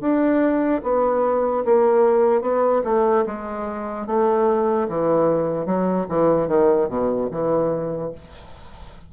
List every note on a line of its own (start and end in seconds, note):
0.00 0.81 D4
0.83 1.64 B3
1.64 2.41 A#3
2.41 2.82 B3
2.84 3.24 A3
3.26 4.06 G#3
4.06 4.87 A3
4.88 5.65 E3
5.65 6.06 F#3
6.08 6.47 E3
6.47 6.88 D#3
6.88 7.28 B2
7.30 8.12 E3